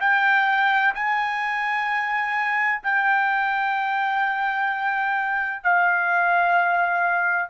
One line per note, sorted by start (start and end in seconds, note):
0.00 0.94 G5
0.94 2.82 G#5
2.83 5.63 G5
5.63 7.49 F5